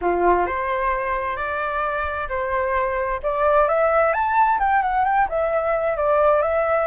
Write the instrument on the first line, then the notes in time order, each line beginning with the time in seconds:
flute
0.01 F4
0.46 C5
1.36 D5
2.28 C5
3.22 D5
3.68 E5
4.13 A5
4.59 G5
4.82 F#5
5.05 G5
5.28 E5
5.96 D5
6.41 E5